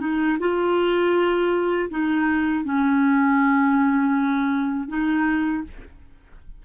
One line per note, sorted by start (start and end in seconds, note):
0.00 0.38 D#4
0.40 1.90 F4
1.90 2.65 D#4
2.65 4.89 C#4
4.89 5.64 D#4